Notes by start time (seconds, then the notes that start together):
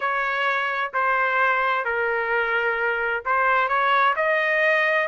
0.00 C#5
0.93 C5
1.84 A#4
3.25 C5
3.68 C#5
4.16 D#5